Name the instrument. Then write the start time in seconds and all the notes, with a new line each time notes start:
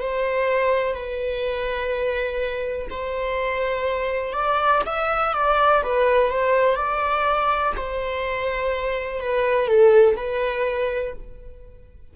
viola
0.00 C5
0.94 B4
2.90 C5
4.33 D5
4.86 E5
5.33 D5
5.82 B4
6.30 C5
6.75 D5
7.76 C5
9.19 B4
9.67 A4
10.16 B4